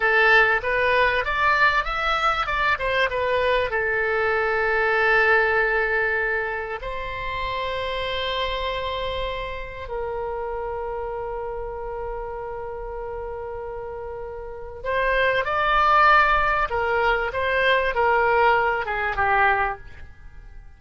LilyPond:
\new Staff \with { instrumentName = "oboe" } { \time 4/4 \tempo 4 = 97 a'4 b'4 d''4 e''4 | d''8 c''8 b'4 a'2~ | a'2. c''4~ | c''1 |
ais'1~ | ais'1 | c''4 d''2 ais'4 | c''4 ais'4. gis'8 g'4 | }